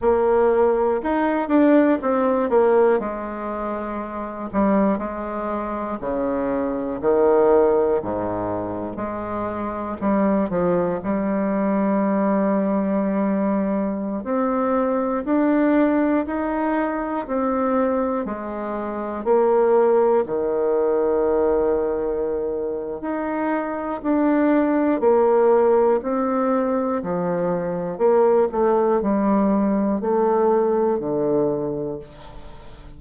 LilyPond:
\new Staff \with { instrumentName = "bassoon" } { \time 4/4 \tempo 4 = 60 ais4 dis'8 d'8 c'8 ais8 gis4~ | gis8 g8 gis4 cis4 dis4 | gis,4 gis4 g8 f8 g4~ | g2~ g16 c'4 d'8.~ |
d'16 dis'4 c'4 gis4 ais8.~ | ais16 dis2~ dis8. dis'4 | d'4 ais4 c'4 f4 | ais8 a8 g4 a4 d4 | }